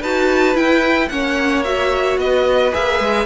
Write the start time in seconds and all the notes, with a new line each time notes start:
0.00 D#4 F#4 B4 A5
0.54 E4 G5
1.09 A#3 C#4 C#5 F#5
1.64 F#4 E5
2.17 B3 B4 D#5
2.72 A#3 G#4 E5
2.99 G#3